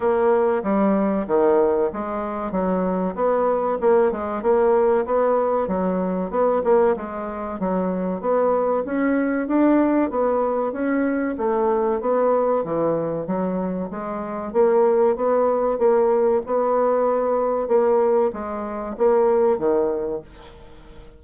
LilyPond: \new Staff \with { instrumentName = "bassoon" } { \time 4/4 \tempo 4 = 95 ais4 g4 dis4 gis4 | fis4 b4 ais8 gis8 ais4 | b4 fis4 b8 ais8 gis4 | fis4 b4 cis'4 d'4 |
b4 cis'4 a4 b4 | e4 fis4 gis4 ais4 | b4 ais4 b2 | ais4 gis4 ais4 dis4 | }